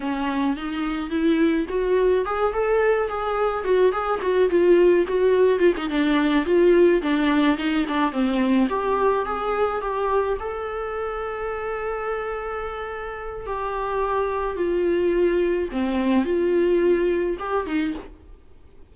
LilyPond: \new Staff \with { instrumentName = "viola" } { \time 4/4 \tempo 4 = 107 cis'4 dis'4 e'4 fis'4 | gis'8 a'4 gis'4 fis'8 gis'8 fis'8 | f'4 fis'4 f'16 dis'16 d'4 f'8~ | f'8 d'4 dis'8 d'8 c'4 g'8~ |
g'8 gis'4 g'4 a'4.~ | a'1 | g'2 f'2 | c'4 f'2 g'8 dis'8 | }